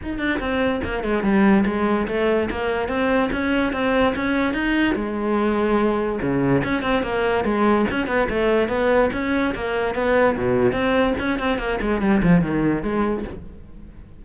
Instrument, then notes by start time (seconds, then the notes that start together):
cello
0.02 D#4
0.18 D4
0.39 C4
0.84 A#3
1.03 G#3
1.23 G3
1.65 G#3
2.07 A3
2.50 A#3
2.88 C4
3.32 C#4
3.73 C4
4.15 C#4
4.53 D#4
4.95 G#3
6.21 C#3
6.64 C#4
6.82 C4
7.03 A#3
7.44 G#3
7.90 C#4
8.07 B3
8.29 A3
8.68 B3
9.13 C#4
9.54 A#3
9.94 B3
10.37 B2
10.72 C4
11.19 C#4
11.39 C4
11.58 A#3
11.81 G#3
12.01 G3
12.22 F3
12.41 D#3
12.82 G#3